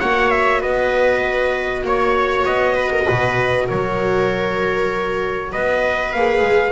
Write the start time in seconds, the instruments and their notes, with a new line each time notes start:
0.00 double bass A#3, viola F#4 C#5, trumpet F#5
0.31 trumpet E5
0.60 double bass B3, viola B4, trumpet D#5
1.84 double bass A#3, viola C#5, trumpet C#5
2.45 double bass B3, trumpet D#5
2.75 viola B4
2.93 viola A#4
3.04 double bass B2, viola B4
3.67 double bass F#3, viola A#4, trumpet C#5
5.52 double bass B3, viola B4, trumpet D#5
6.13 double bass A#3, viola G#4, trumpet F5
6.42 double bass G#3